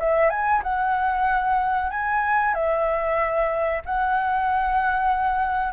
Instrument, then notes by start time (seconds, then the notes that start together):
flute
0.00 E5
0.30 G#5
0.63 F#5
1.91 G#5
2.54 E5
3.86 F#5